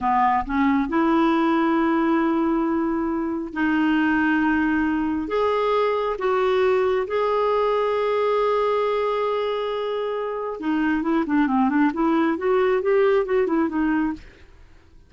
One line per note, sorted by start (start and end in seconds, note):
0.00 0.45 B3
0.45 0.88 C#4
0.88 3.53 E4
3.53 5.28 D#4
5.28 6.16 G#4
6.18 7.06 F#4
7.07 10.60 G#4
10.60 11.02 D#4
11.02 11.24 E4
11.26 11.47 D4
11.47 11.69 C4
11.69 11.91 D4
11.93 12.37 E4
12.37 12.81 F#4
12.82 13.25 G4
13.25 13.46 F#4
13.46 13.68 E4
13.69 14.13 D#4